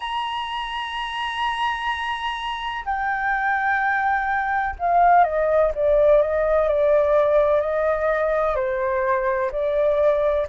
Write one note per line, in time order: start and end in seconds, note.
0.00 2.84 A#5
2.85 4.75 G5
4.78 5.24 F5
5.24 5.71 D#5
5.74 6.22 D5
6.22 6.68 D#5
6.68 7.60 D5
7.60 8.55 D#5
8.55 9.50 C5
9.52 10.47 D5